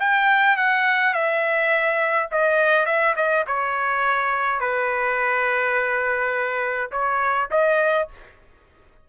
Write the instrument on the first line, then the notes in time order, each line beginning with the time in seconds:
trumpet
0.00 G5
0.57 F#5
1.14 E5
2.32 D#5
2.86 E5
3.17 D#5
3.47 C#5
4.60 B4
6.92 C#5
7.51 D#5